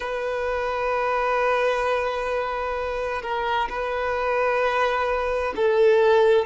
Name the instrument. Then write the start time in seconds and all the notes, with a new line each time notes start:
violin
0.00 B4
3.22 A#4
3.69 B4
5.56 A4